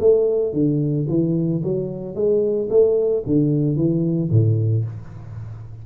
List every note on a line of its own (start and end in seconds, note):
0.00 0.53 A3
0.53 1.07 D3
1.09 1.62 E3
1.64 2.16 F#3
2.16 2.69 G#3
2.70 3.24 A3
3.27 3.76 D3
3.76 4.30 E3
4.31 4.85 A2